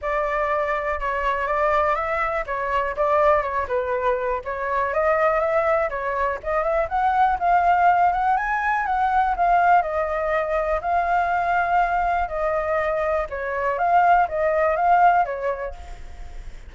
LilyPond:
\new Staff \with { instrumentName = "flute" } { \time 4/4 \tempo 4 = 122 d''2 cis''4 d''4 | e''4 cis''4 d''4 cis''8 b'8~ | b'4 cis''4 dis''4 e''4 | cis''4 dis''8 e''8 fis''4 f''4~ |
f''8 fis''8 gis''4 fis''4 f''4 | dis''2 f''2~ | f''4 dis''2 cis''4 | f''4 dis''4 f''4 cis''4 | }